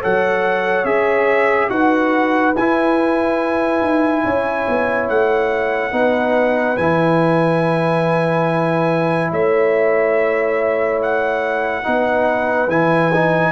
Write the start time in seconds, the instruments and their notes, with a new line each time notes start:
0.00 tuba F#3, trombone A4, horn C#5, trumpet F#5
0.84 tuba C#4, trombone G#4, trumpet E5
1.69 tuba D#4, trombone F#4, horn B4, trumpet F#5
2.56 tuba E4, trombone E4, trumpet G#5
3.81 tuba D#4
4.23 tuba C#4, horn C#5
4.68 tuba B3
5.08 tuba A3, trumpet F#5
5.92 tuba B3, trombone D#4, horn B4
6.77 tuba E3, trombone E4, trumpet G#5
9.31 tuba A3, horn C#5, trumpet E5
11.02 trumpet F#5
11.83 tuba B3, trombone D#4, horn B4
12.67 tuba E3, trombone E4, trumpet G#5
13.13 trombone D#4